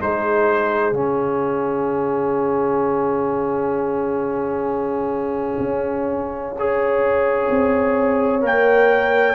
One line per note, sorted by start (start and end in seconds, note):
0.00 0.92 G#3
0.00 0.94 D#4
0.00 6.58 G#4
0.00 0.93 C5
0.92 5.59 C#3
0.92 6.56 C#4
0.92 8.43 F5
5.59 7.47 C#4
6.58 8.42 G#4
6.58 9.35 C#5
7.50 8.43 C4
8.42 9.35 A#3
8.42 9.35 A#4
8.42 9.35 G5